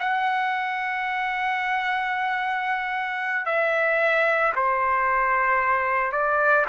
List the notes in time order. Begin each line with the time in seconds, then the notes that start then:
0.00 F#5
3.46 E5
4.56 C5
6.12 D5